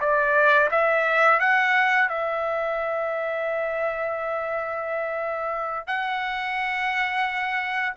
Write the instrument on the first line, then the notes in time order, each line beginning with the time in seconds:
trumpet
0.00 D5
0.71 E5
1.39 F#5
2.08 E5
5.87 F#5